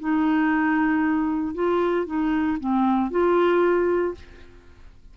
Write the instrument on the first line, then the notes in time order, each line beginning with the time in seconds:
clarinet
0.00 D#4
1.54 F4
2.06 D#4
2.60 C4
3.11 F4